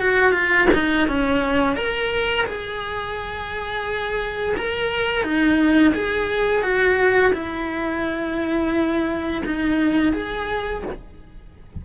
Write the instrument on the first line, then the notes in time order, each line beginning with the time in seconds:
cello
0.00 F#4
0.33 F4
0.74 D#4
1.08 C#4
1.76 A#4
2.46 G#4
4.57 A#4
5.23 D#4
5.95 G#4
6.63 F#4
7.34 E4
9.46 D#4
10.13 G#4